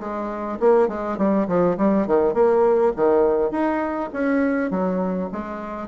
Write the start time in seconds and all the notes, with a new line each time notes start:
0.00 G#3
0.60 A#3
0.88 G#3
1.18 G3
1.48 F3
1.77 G3
2.07 D#3
2.34 A#3
2.96 D#3
3.51 D#4
4.13 C#4
4.70 F#3
5.32 G#3